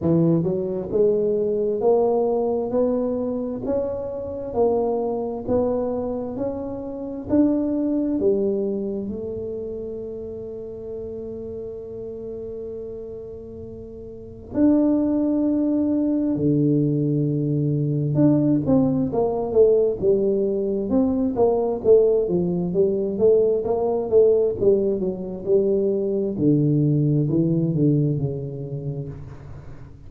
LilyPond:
\new Staff \with { instrumentName = "tuba" } { \time 4/4 \tempo 4 = 66 e8 fis8 gis4 ais4 b4 | cis'4 ais4 b4 cis'4 | d'4 g4 a2~ | a1 |
d'2 d2 | d'8 c'8 ais8 a8 g4 c'8 ais8 | a8 f8 g8 a8 ais8 a8 g8 fis8 | g4 d4 e8 d8 cis4 | }